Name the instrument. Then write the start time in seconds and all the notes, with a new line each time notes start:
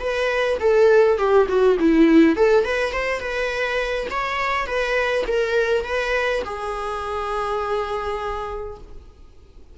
viola
0.00 B4
0.60 A4
1.18 G4
1.48 F#4
1.79 E4
2.36 A4
2.65 B4
2.93 C5
3.20 B4
4.10 C#5
4.66 B4
5.27 A#4
5.84 B4
6.45 G#4